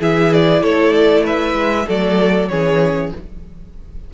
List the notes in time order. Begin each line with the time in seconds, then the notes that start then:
0.00 E3 E4 G#4 E5
0.34 D5
0.62 A3 A4 C#5
0.93 D5
1.24 B4 E5
1.54 G#3
1.86 F#3 A3 A4 D5
2.49 E3 C#4 G#4 C#5